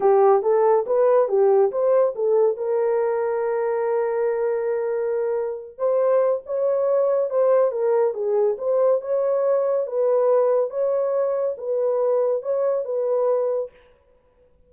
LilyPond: \new Staff \with { instrumentName = "horn" } { \time 4/4 \tempo 4 = 140 g'4 a'4 b'4 g'4 | c''4 a'4 ais'2~ | ais'1~ | ais'4. c''4. cis''4~ |
cis''4 c''4 ais'4 gis'4 | c''4 cis''2 b'4~ | b'4 cis''2 b'4~ | b'4 cis''4 b'2 | }